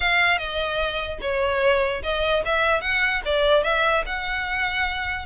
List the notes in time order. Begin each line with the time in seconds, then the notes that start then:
0.00 F5
0.37 D#5
1.21 C#5
2.03 D#5
2.45 E5
2.81 F#5
3.25 D5
3.63 E5
4.06 F#5